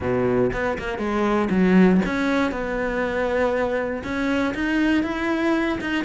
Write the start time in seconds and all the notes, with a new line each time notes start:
0.00 B2
0.52 B3
0.78 A#3
0.98 G#3
1.50 F#3
2.05 C#4
2.51 B3
4.03 C#4
4.54 D#4
5.03 E4
5.81 D#4